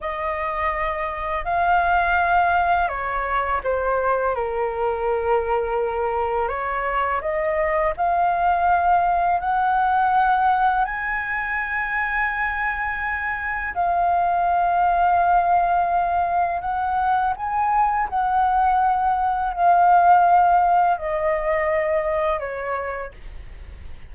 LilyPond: \new Staff \with { instrumentName = "flute" } { \time 4/4 \tempo 4 = 83 dis''2 f''2 | cis''4 c''4 ais'2~ | ais'4 cis''4 dis''4 f''4~ | f''4 fis''2 gis''4~ |
gis''2. f''4~ | f''2. fis''4 | gis''4 fis''2 f''4~ | f''4 dis''2 cis''4 | }